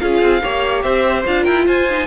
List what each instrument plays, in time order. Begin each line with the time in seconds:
0.00 cello C#4, viola F4, violin G#4 F5
0.22 cello C4
0.43 cello A#3, viola G4, violin C#5
0.83 cello C4, violin C5 E5
1.27 cello D4, viola F4, violin F5
1.44 cello E4, violin A#4 G5
1.67 cello F4, violin C5 G#5
1.91 viola D#4